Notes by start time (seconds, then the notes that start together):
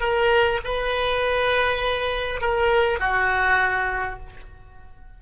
0.00 A#4
0.64 B4
2.41 A#4
3.00 F#4